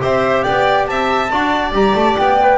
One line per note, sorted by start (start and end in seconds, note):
0.00 0.46 C4
0.00 1.29 G4
0.00 0.44 C5
0.00 0.43 E5
0.43 0.88 B3
0.43 0.87 D5
0.43 0.86 G5
0.87 1.31 C4
0.87 1.32 E5
0.87 1.73 A5
1.32 1.72 D4
1.32 1.73 F#4
1.32 2.58 D5
1.72 1.94 G3
1.72 2.38 G4
1.72 1.96 A#5
1.95 2.17 A3
1.95 2.17 A5
2.18 2.58 B3
2.18 2.58 G5
2.42 2.58 B4